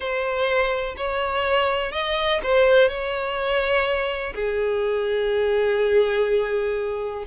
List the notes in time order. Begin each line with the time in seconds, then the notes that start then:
0.00 C5
0.97 C#5
1.92 D#5
2.43 C5
2.88 C#5
4.34 G#4